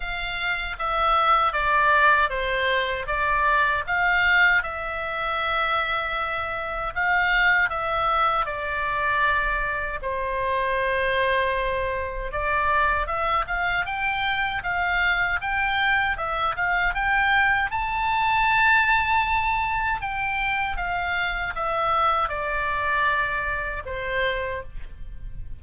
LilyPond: \new Staff \with { instrumentName = "oboe" } { \time 4/4 \tempo 4 = 78 f''4 e''4 d''4 c''4 | d''4 f''4 e''2~ | e''4 f''4 e''4 d''4~ | d''4 c''2. |
d''4 e''8 f''8 g''4 f''4 | g''4 e''8 f''8 g''4 a''4~ | a''2 g''4 f''4 | e''4 d''2 c''4 | }